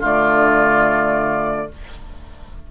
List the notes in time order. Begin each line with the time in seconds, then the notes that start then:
0.00 D3 A3 F4 D5